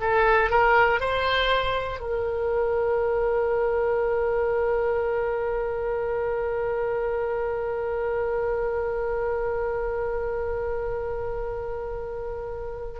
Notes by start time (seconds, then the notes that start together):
0.00 A4
0.50 A#4
1.00 C5
2.00 A#4